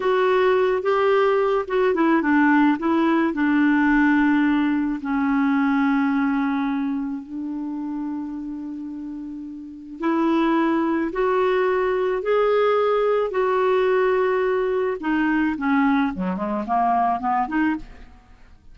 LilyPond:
\new Staff \with { instrumentName = "clarinet" } { \time 4/4 \tempo 4 = 108 fis'4. g'4. fis'8 e'8 | d'4 e'4 d'2~ | d'4 cis'2.~ | cis'4 d'2.~ |
d'2 e'2 | fis'2 gis'2 | fis'2. dis'4 | cis'4 fis8 gis8 ais4 b8 dis'8 | }